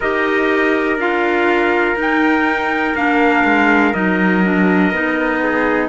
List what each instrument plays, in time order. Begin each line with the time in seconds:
0.00 cello D#4, clarinet G4, trumpet A#4 D#5
0.96 cello D4, clarinet F4, trumpet F5
1.95 cello D#4, clarinet D#4, trumpet G5
2.94 cello A#3, clarinet D4, trumpet F5
3.44 cello G#3
3.93 cello F#3, clarinet D#4, trumpet D#5
4.43 clarinet D4
4.91 cello B3, clarinet D#4
5.42 trumpet G#4